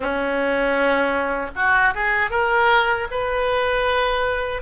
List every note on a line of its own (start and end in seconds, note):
0.00 1.50 C#4
1.55 1.94 F#4
1.94 2.30 G#4
2.30 3.07 A#4
3.10 4.62 B4